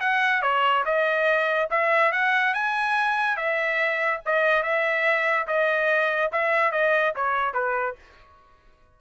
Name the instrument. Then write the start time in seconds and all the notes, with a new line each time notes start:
trumpet
0.00 F#5
0.42 C#5
0.85 D#5
1.70 E5
2.12 F#5
2.54 G#5
3.37 E5
4.26 D#5
4.63 E5
5.47 D#5
6.32 E5
6.72 D#5
7.16 C#5
7.54 B4